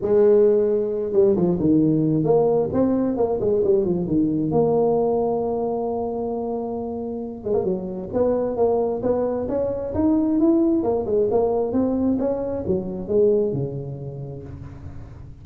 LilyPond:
\new Staff \with { instrumentName = "tuba" } { \time 4/4 \tempo 4 = 133 gis2~ gis8 g8 f8 dis8~ | dis4 ais4 c'4 ais8 gis8 | g8 f8 dis4 ais2~ | ais1~ |
ais8 gis16 ais16 fis4 b4 ais4 | b4 cis'4 dis'4 e'4 | ais8 gis8 ais4 c'4 cis'4 | fis4 gis4 cis2 | }